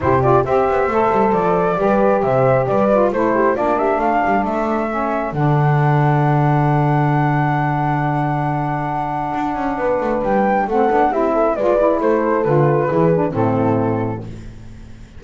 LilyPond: <<
  \new Staff \with { instrumentName = "flute" } { \time 4/4 \tempo 4 = 135 c''8 d''8 e''2 d''4~ | d''4 e''4 d''4 c''4 | d''8 e''8 f''4 e''2 | fis''1~ |
fis''1~ | fis''2. g''4 | fis''4 e''4 d''4 c''4 | b'2 a'2 | }
  \new Staff \with { instrumentName = "horn" } { \time 4/4 g'4 c''2. | b'4 c''4 b'4 a'8 g'8 | f'8 g'8 a'2.~ | a'1~ |
a'1~ | a'2 b'2 | a'4 g'8 a'8 b'4 a'4~ | a'4 gis'4 e'2 | }
  \new Staff \with { instrumentName = "saxophone" } { \time 4/4 e'8 f'8 g'4 a'2 | g'2~ g'8 f'8 e'4 | d'2. cis'4 | d'1~ |
d'1~ | d'1 | c'8 d'8 e'4 f'8 e'4. | f'4 e'8 d'8 c'2 | }
  \new Staff \with { instrumentName = "double bass" } { \time 4/4 c4 c'8 b8 a8 g8 f4 | g4 c4 g4 a4 | ais4 a8 g8 a2 | d1~ |
d1~ | d4 d'8 cis'8 b8 a8 g4 | a8 b8 c'4 gis4 a4 | d4 e4 a,2 | }
>>